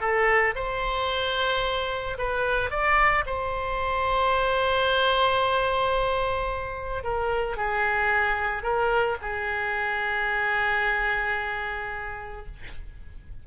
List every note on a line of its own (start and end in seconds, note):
0.00 0.54 A4
0.55 2.17 C5
2.18 2.70 B4
2.70 3.24 D5
3.26 7.03 C5
7.03 7.56 A#4
7.56 8.62 G#4
8.62 9.16 A#4
9.21 12.45 G#4